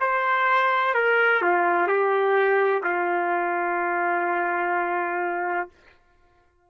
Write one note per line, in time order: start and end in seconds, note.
0.00 0.94 C5
0.94 1.42 A#4
1.42 1.87 F4
1.87 2.83 G4
2.83 5.69 F4